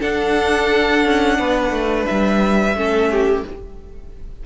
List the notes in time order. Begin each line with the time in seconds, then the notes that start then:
0.00 D4 A4 F#5
1.06 C#4
1.39 B3 B4
1.71 A3
2.06 G3 E5
2.75 A3 C#4 A4
3.12 G4